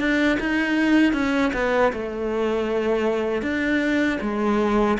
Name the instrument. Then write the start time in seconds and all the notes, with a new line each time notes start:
cello
0.00 D4
0.40 D#4
1.14 C#4
1.54 B3
1.93 A3
3.42 D4
4.21 G#3